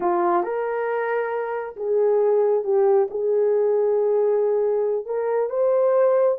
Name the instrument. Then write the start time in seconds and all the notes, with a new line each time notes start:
horn
0.00 F4
0.43 A#4
1.76 G#4
2.64 G4
3.10 G#4
5.05 A#4
5.49 C5